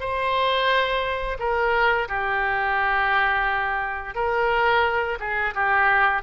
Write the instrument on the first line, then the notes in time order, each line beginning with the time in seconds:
oboe
0.00 C5
1.39 A#4
2.08 G4
4.15 A#4
5.19 G#4
5.55 G4